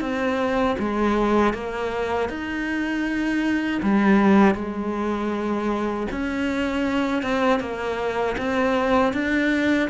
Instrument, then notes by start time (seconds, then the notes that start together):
cello
0.00 C4
0.78 G#3
1.53 A#3
2.29 D#4
3.82 G3
4.55 G#3
6.11 C#4
7.22 C4
7.60 A#3
8.37 C4
9.13 D4